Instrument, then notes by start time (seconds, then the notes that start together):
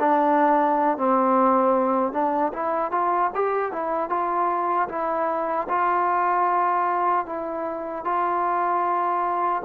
trombone
0.00 D4
0.98 C4
2.12 D4
2.53 E4
2.91 F4
3.34 G4
3.72 E4
4.09 F4
4.88 E4
5.69 F4
7.26 E4
8.05 F4